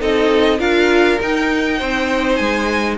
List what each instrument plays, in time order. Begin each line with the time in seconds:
0.00 cello C4, viola D#4, violin A4 D#5
0.58 cello D4, viola F4, violin A#4 F5
1.20 viola D#4, cello D#4, violin G5
1.77 cello C4, violin C5
2.35 cello G#3, violin G#5